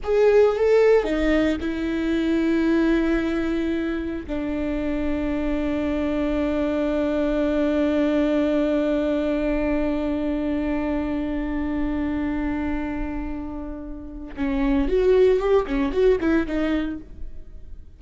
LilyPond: \new Staff \with { instrumentName = "viola" } { \time 4/4 \tempo 4 = 113 gis'4 a'4 dis'4 e'4~ | e'1 | d'1~ | d'1~ |
d'1~ | d'1~ | d'2. cis'4 | fis'4 g'8 cis'8 fis'8 e'8 dis'4 | }